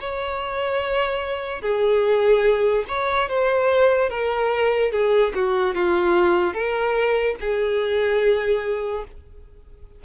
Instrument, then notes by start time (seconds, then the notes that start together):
violin
0.00 C#5
1.61 G#4
2.88 C#5
3.29 C5
4.09 A#4
4.92 G#4
5.35 F#4
5.75 F4
6.54 A#4
7.40 G#4